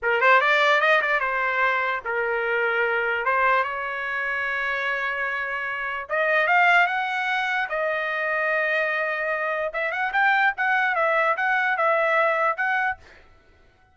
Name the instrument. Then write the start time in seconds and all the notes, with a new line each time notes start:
trumpet
0.02 A#4
0.20 C5
0.41 D5
0.80 D#5
1.01 D5
1.20 C5
2.04 A#4
3.25 C5
3.63 C#5
6.09 D#5
6.47 F5
6.86 F#5
7.69 D#5
9.73 E5
9.91 F#5
10.12 G5
10.57 F#5
10.95 E5
11.36 F#5
11.77 E5
12.56 F#5